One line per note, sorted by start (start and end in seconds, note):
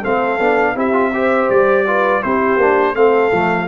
0.00 0.39 A3
0.00 0.39 C4
0.00 0.73 A4
0.00 0.77 F5
0.39 0.75 B3
0.39 0.75 D4
0.75 1.48 C4
0.75 0.93 E4
0.75 1.12 G4
0.75 1.50 E5
0.93 1.11 F4
1.13 1.86 G4
1.13 1.86 C5
1.50 2.23 G3
1.50 2.22 D5
1.86 2.22 F4
1.86 2.23 B4
2.22 2.57 C4
2.22 2.59 E4
2.22 2.94 G4
2.22 2.95 C5
2.57 2.93 A#3
2.57 2.95 D4
2.94 3.30 A3
2.94 3.31 C4
2.94 3.68 A4
2.94 3.68 F5
3.32 3.68 F3
3.32 3.68 A3